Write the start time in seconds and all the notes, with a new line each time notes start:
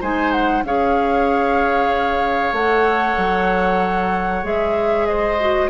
0.00 G#3 D#4 C5 G#5
0.31 F#5
0.63 C#4 G#4 C#5 F5
2.52 A3 A4 F#5
3.17 F#3
4.43 G#3 G#4 E5
5.06 C5 D#5
5.40 F#4